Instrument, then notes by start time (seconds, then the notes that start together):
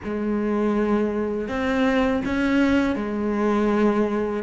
cello
0.04 G#3
1.48 C4
2.25 C#4
2.95 G#3